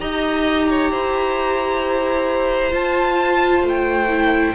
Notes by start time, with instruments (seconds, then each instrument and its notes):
0.00 cello D#4, viola G4, violin D#5 A#5
0.70 violin C#5
0.91 cello E4, violin C5
2.71 viola F4, cello F4, violin A5
3.63 cello A3, violin G5
4.09 viola E4